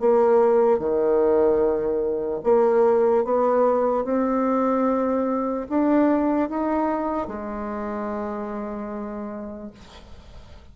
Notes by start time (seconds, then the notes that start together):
0.00 A#3
0.79 D#3
2.44 A#3
3.24 B3
4.05 C4
5.69 D4
6.49 D#4
7.28 G#3